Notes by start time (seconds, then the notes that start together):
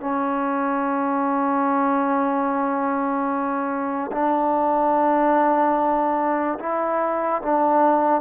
0.00 C#4
4.12 D4
6.59 E4
7.42 D4